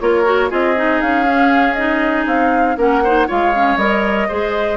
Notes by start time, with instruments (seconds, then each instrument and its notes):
0.00 bassoon A#3, clarinet F4, oboe A#4, flute C#5
0.25 clarinet F#4
0.50 bassoon C4, clarinet F4, oboe G#4, flute D#5
0.76 clarinet D#4
1.01 bassoon C#4, flute F5
1.26 clarinet C#4
1.74 clarinet D#4, flute D#5
2.26 bassoon C4, flute F5
2.77 bassoon A#3, clarinet C#4, oboe A#4, flute F#5
3.04 clarinet D#4, oboe C5
3.27 bassoon G#3, clarinet F4, oboe C#5, flute F5
3.55 clarinet C#4
3.77 bassoon G3, clarinet A#4, flute D#5
4.28 bassoon G#3, clarinet G#4, oboe C5